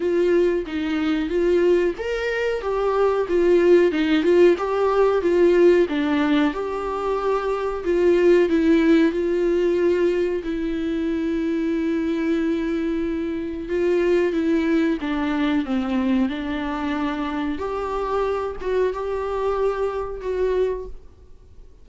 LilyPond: \new Staff \with { instrumentName = "viola" } { \time 4/4 \tempo 4 = 92 f'4 dis'4 f'4 ais'4 | g'4 f'4 dis'8 f'8 g'4 | f'4 d'4 g'2 | f'4 e'4 f'2 |
e'1~ | e'4 f'4 e'4 d'4 | c'4 d'2 g'4~ | g'8 fis'8 g'2 fis'4 | }